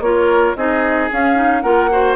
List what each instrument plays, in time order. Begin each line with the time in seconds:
0.00 bassoon A#3, clarinet F4, oboe A#4, flute C#5
0.56 bassoon C4, clarinet D#4, oboe G#4, flute D#5
1.12 clarinet C#4, bassoon C#4, flute F5
1.35 clarinet D#4
1.61 bassoon A#3, clarinet F4, oboe A#4, flute F#5
1.91 clarinet F#4, oboe C5